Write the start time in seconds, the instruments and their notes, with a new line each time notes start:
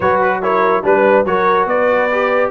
0.00 tuba F#3, trombone F#4, horn B4, trumpet C#5
0.21 trumpet B4
0.42 trombone E4, horn A#4, trumpet C#5
0.83 tuba G3, trombone D4, horn B4, trumpet B4
1.24 tuba F#3, trombone F#4, horn A#4, trumpet C#5
1.66 tuba B3, horn B4, trumpet D5
2.11 trombone G4